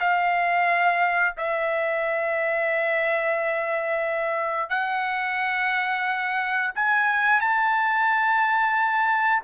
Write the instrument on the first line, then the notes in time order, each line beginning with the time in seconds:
trumpet
0.00 F5
1.37 E5
4.69 F#5
6.75 G#5
7.40 A5